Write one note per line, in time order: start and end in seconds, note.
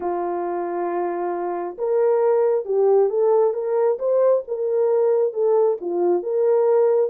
0.00 1.77 F4
1.78 2.65 A#4
2.65 3.09 G4
3.09 3.53 A4
3.53 3.98 A#4
3.98 4.43 C5
4.47 5.33 A#4
5.33 5.77 A4
5.81 6.22 F4
6.22 7.10 A#4